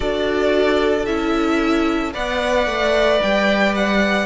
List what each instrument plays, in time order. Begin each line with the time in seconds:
0.00 cello D4, viola F#4, violin A4 D5
1.05 cello C#4, viola E4, violin E5
2.13 cello B3, viola B4, violin D5 F#5
2.66 cello A3
3.22 cello G3, violin G5
3.75 violin F#5